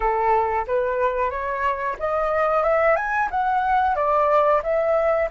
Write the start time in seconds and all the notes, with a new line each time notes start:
0.00 A4
0.67 B4
1.30 C#5
1.99 D#5
2.63 E5
2.96 G#5
3.31 F#5
3.95 D5
4.63 E5